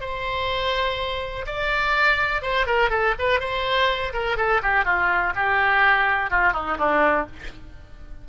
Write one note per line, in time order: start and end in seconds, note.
0.00 1.45 C5
1.46 2.42 D5
2.42 2.66 C5
2.66 2.90 A#4
2.90 3.14 A4
3.18 3.40 B4
3.40 4.12 C5
4.13 4.37 A#4
4.37 4.61 A4
4.62 4.84 G4
4.84 5.33 F4
5.35 6.30 G4
6.30 6.53 F4
6.53 6.77 D#4
6.78 7.26 D4